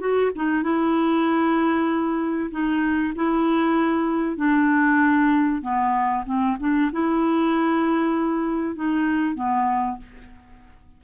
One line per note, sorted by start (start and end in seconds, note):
0.00 0.31 F#4
0.36 0.63 D#4
0.63 2.51 E4
2.51 3.14 D#4
3.16 4.37 E4
4.37 5.62 D4
5.62 6.24 B3
6.26 6.57 C4
6.60 6.91 D4
6.92 8.76 E4
8.76 9.35 D#4
9.35 9.98 B3